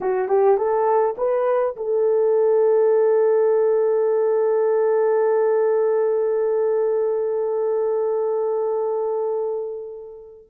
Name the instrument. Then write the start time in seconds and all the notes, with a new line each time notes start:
horn
0.00 F#4
0.28 G4
0.57 A4
1.17 B4
1.76 A4